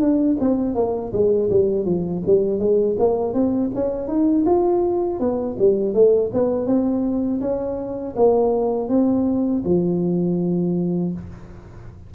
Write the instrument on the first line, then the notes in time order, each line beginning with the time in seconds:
tuba
0.00 D4
0.40 C4
0.75 A#3
1.13 G#3
1.51 G3
1.86 F3
2.26 G3
2.60 G#3
2.99 A#3
3.34 C4
3.75 C#4
4.08 D#4
4.46 F4
5.20 B3
5.59 G3
5.94 A3
6.34 B3
6.67 C4
7.41 C#4
8.16 A#3
8.89 C4
9.65 F3